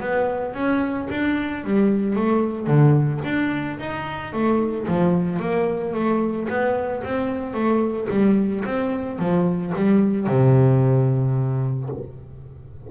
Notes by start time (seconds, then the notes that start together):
0.00 B3
0.53 C#4
1.10 D4
1.64 G3
2.15 A3
2.66 D3
3.24 D4
3.79 D#4
4.32 A3
4.87 F3
5.39 A#3
5.93 A3
6.49 B3
7.03 C4
7.53 A3
8.10 G3
8.64 C4
9.19 F3
9.75 G3
10.27 C3